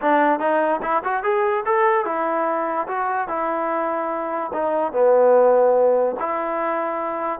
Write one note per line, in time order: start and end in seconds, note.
0.01 0.39 D4
0.39 0.80 D#4
0.82 1.03 E4
1.04 1.23 F#4
1.23 1.64 G#4
1.65 2.05 A4
2.05 2.87 E4
2.87 3.27 F#4
3.27 4.51 E4
4.53 4.92 D#4
4.92 6.16 B3
6.19 7.39 E4